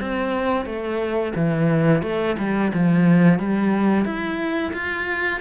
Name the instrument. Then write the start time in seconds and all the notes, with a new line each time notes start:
cello
0.00 C4
0.66 A3
1.35 E3
2.02 A3
2.38 G3
2.73 F3
3.39 G3
4.04 E4
4.73 F4